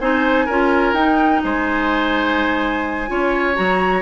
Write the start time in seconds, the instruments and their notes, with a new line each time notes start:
0.00 bassoon C4, clarinet D#4, oboe C5, flute G#5
0.46 bassoon C#4, clarinet F4, oboe A#4
0.93 bassoon D#4, clarinet D#4, flute G5
1.44 bassoon G#3, oboe C5, flute G#5
3.07 bassoon C#4, clarinet F4, oboe C#5
3.54 bassoon F#3, clarinet F#4, flute A#5